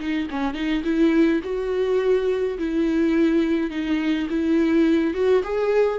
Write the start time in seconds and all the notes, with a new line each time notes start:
0.00 D#4
0.31 C#4
0.55 D#4
0.84 E4
1.44 F#4
2.59 E4
3.71 D#4
4.30 E4
5.15 F#4
5.44 G#4